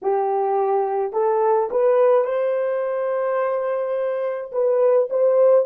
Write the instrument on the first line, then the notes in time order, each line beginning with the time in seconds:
horn
0.02 G4
1.12 A4
1.70 B4
2.24 C5
4.51 B4
5.09 C5